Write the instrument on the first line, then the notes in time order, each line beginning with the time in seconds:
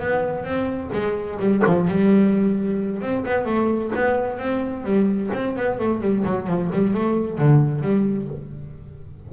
double bass
0.00 B3
0.44 C4
0.93 G#3
1.40 G3
1.66 F3
1.88 G3
3.02 C4
3.26 B3
3.46 A3
3.95 B3
4.38 C4
4.84 G3
5.33 C4
5.56 B3
5.79 A3
6.01 G3
6.25 F#3
6.47 F3
6.72 G3
6.94 A3
7.38 D3
7.82 G3